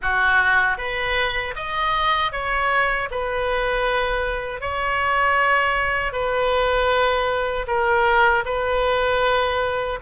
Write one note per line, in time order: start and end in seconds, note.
0.01 0.77 F#4
0.77 1.54 B4
1.55 2.31 D#5
2.31 3.08 C#5
3.10 4.60 B4
4.60 6.12 C#5
6.12 7.66 B4
7.67 8.44 A#4
8.45 9.99 B4